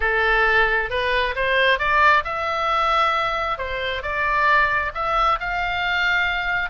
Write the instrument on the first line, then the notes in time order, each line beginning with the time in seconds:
oboe
0.00 A4
0.90 B4
1.35 C5
1.78 D5
2.24 E5
3.58 C5
4.02 D5
4.94 E5
5.40 F5